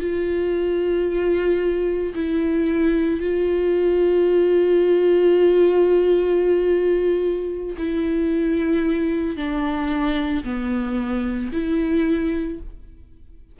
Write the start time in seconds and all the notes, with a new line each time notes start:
0.00 F4
2.15 E4
3.21 F4
7.78 E4
9.37 D4
10.45 B3
11.53 E4